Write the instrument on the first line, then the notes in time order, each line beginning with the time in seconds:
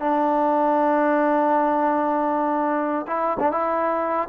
trombone
0.00 D4
3.07 E4
3.40 D4
3.52 E4